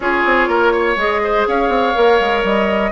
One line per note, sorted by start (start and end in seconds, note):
0.00 0.23 C#4
0.00 0.97 F4
0.00 0.48 G#4
0.00 0.96 C#5
0.25 0.47 C4
0.47 0.96 A#3
0.47 0.72 A#4
0.72 1.21 C#5
0.96 1.45 G#3
0.96 1.94 G#4
0.96 1.46 D#5
1.23 1.47 C5
1.47 1.68 C#4
1.47 2.92 C#5
1.47 2.44 F5
1.68 1.92 C4
1.94 2.20 A#3
1.94 2.91 A#4
2.20 2.43 G#3
2.43 2.92 G3
2.43 2.92 D#5